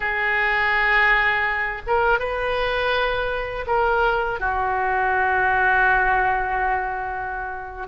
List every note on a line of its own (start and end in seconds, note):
0.00 1.82 G#4
1.87 2.19 A#4
2.19 3.65 B4
3.66 4.39 A#4
4.40 7.87 F#4